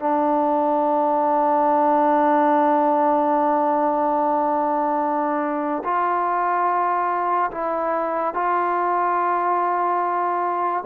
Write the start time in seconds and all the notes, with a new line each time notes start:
0.00 D4
5.85 F4
7.52 E4
8.34 F4